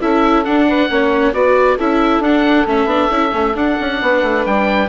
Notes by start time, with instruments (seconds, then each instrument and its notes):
0.00 bassoon C#4, viola E4, saxophone A4, oboe E5
0.45 viola D4, bassoon D4, oboe F#5
0.68 saxophone B4
0.89 bassoon A#3, viola C#4, saxophone C#5
1.33 bassoon B3, viola F#4, saxophone B4, oboe D5
1.77 bassoon C#4, viola E4, saxophone A4, oboe E5
2.20 bassoon D4, viola D4, oboe F#5
2.67 bassoon A3, viola C#4, oboe E5
2.86 bassoon B3, viola D4
3.11 bassoon C#4, viola E4
3.31 bassoon A3, viola C#4
3.55 bassoon D4, viola D4, oboe F#5
3.81 bassoon C#4
4.02 bassoon B3, saxophone B4
4.23 bassoon A3
4.46 bassoon G3, oboe G5